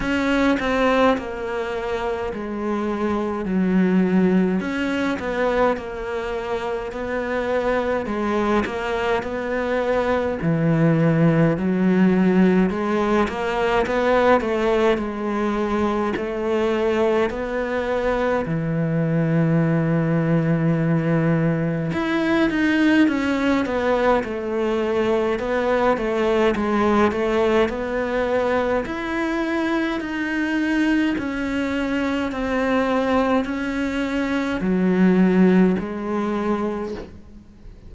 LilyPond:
\new Staff \with { instrumentName = "cello" } { \time 4/4 \tempo 4 = 52 cis'8 c'8 ais4 gis4 fis4 | cis'8 b8 ais4 b4 gis8 ais8 | b4 e4 fis4 gis8 ais8 | b8 a8 gis4 a4 b4 |
e2. e'8 dis'8 | cis'8 b8 a4 b8 a8 gis8 a8 | b4 e'4 dis'4 cis'4 | c'4 cis'4 fis4 gis4 | }